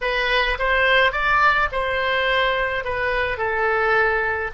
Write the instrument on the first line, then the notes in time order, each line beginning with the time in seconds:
oboe
0.01 B4
0.58 C5
1.12 D5
1.72 C5
2.84 B4
3.37 A4